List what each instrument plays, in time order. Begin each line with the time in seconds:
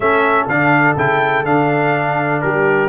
0.00 tuba A3, trombone C#4, horn A4, trumpet E5
0.47 tuba D3, trombone D4, trumpet F5
0.97 tuba C#3, trombone E4, trumpet G5
1.44 tuba D3, trombone D4, trumpet F5
2.41 tuba G3, horn G4, trumpet A#4